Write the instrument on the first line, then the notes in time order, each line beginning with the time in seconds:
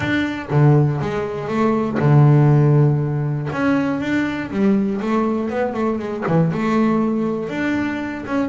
double bass
0.00 D4
0.50 D3
1.01 G#3
1.47 A3
1.99 D3
3.52 C#4
4.00 D4
4.50 G3
5.01 A3
5.49 B3
5.73 A3
5.99 G#3
6.27 E3
6.52 A3
7.49 D4
8.26 C#4